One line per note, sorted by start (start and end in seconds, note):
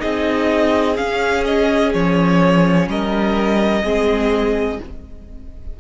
0.00 0.99 C4
0.00 0.95 D#4
0.00 2.87 G#4
0.00 0.97 D#5
0.97 3.83 C#4
0.97 1.94 C#4
0.97 1.44 F5
1.45 1.93 D#5
1.93 2.88 F3
1.93 2.88 C#5
2.88 3.83 G3
2.88 3.84 A#4
2.88 4.81 D#5
3.84 4.79 G#3
3.84 4.79 C4
3.84 4.79 G#4